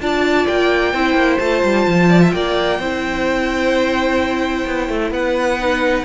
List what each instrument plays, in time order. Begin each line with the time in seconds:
0.00 cello D4, viola F4, violin D5 A5
0.47 cello A#3, violin G5
0.93 cello C4, viola E4, violin C5
1.14 cello A#3
1.38 cello A3, viola F4, violin A5
1.63 cello G3
1.87 cello F3
2.09 violin D5
2.21 violin E5
2.31 cello A#3, violin D5 G5
2.79 cello C4, viola E4, violin C5
4.66 cello B3
4.88 cello A3
5.10 cello B3, violin B4 F#5
5.60 viola D#4